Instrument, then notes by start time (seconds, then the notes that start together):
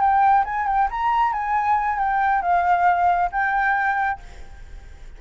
flute
0.00 G5
0.44 G#5
0.66 G5
0.90 A#5
1.32 G#5
1.98 G5
2.42 F5
3.31 G5